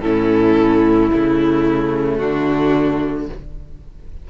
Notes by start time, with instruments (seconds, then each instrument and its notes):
0.00 cello A2, viola C#4, violin E4 A4
1.09 cello C#3, viola A3, violin E4
2.16 cello D3, violin D4 F#4